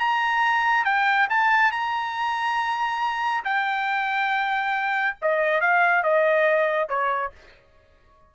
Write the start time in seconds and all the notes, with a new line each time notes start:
0.00 A#5
0.86 G5
1.30 A5
1.72 A#5
3.45 G5
5.22 D#5
5.62 F5
6.04 D#5
6.89 C#5